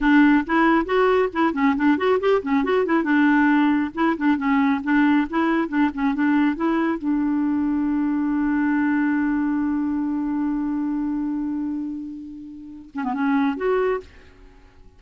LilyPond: \new Staff \with { instrumentName = "clarinet" } { \time 4/4 \tempo 4 = 137 d'4 e'4 fis'4 e'8 cis'8 | d'8 fis'8 g'8 cis'8 fis'8 e'8 d'4~ | d'4 e'8 d'8 cis'4 d'4 | e'4 d'8 cis'8 d'4 e'4 |
d'1~ | d'1~ | d'1~ | d'4. cis'16 b16 cis'4 fis'4 | }